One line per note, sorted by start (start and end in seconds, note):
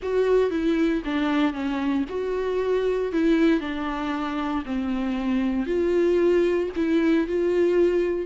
0.02 0.50 F#4
0.50 1.02 E4
1.04 1.53 D4
1.53 2.05 C#4
2.09 3.12 F#4
3.12 3.60 E4
3.60 4.63 D4
4.65 5.66 C4
5.66 6.69 F4
6.76 7.27 E4
7.27 8.26 F4